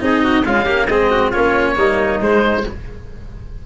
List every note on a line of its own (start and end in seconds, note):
0.00 0.45 C4
0.00 0.44 D#4
0.00 0.23 G#4
0.00 0.45 D#5
0.23 0.45 F#4
0.45 0.66 G#3
0.45 0.88 C#4
0.45 0.64 F4
0.45 0.87 F5
0.64 0.88 A#3
0.64 0.86 G4
0.87 1.32 G#3
0.87 1.33 C4
0.87 1.10 G#4
0.87 1.31 D#5
1.10 1.30 F#4
1.30 1.77 A#3
1.30 1.76 C#4
1.30 1.74 F4
1.30 2.20 C#5
1.76 2.21 G3
1.76 2.19 A#3
1.76 2.66 D#4
2.19 2.63 G#3
2.19 2.65 G#3
2.19 2.66 C5